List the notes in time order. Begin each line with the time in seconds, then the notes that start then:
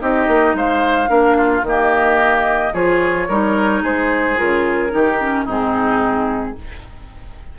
0.00 C4 D#4 G4 D#5
0.27 A#3
0.54 G#3 C5 F5
1.07 A#3 D4 A#4
1.37 F4
1.62 D#3 A#3
1.68 G4 D#5
2.73 F3 F4 G#4 C#5
3.28 G3 D#4 A#4
3.82 G#3 G#4 C5
4.36 C#3 F4 A#4
4.89 D#3 D#4 G4
5.20 C#4
5.44 G#2 C4 D#4 G#4